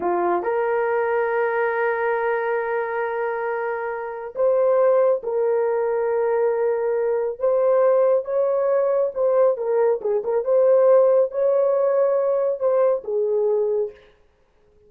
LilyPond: \new Staff \with { instrumentName = "horn" } { \time 4/4 \tempo 4 = 138 f'4 ais'2.~ | ais'1~ | ais'2 c''2 | ais'1~ |
ais'4 c''2 cis''4~ | cis''4 c''4 ais'4 gis'8 ais'8 | c''2 cis''2~ | cis''4 c''4 gis'2 | }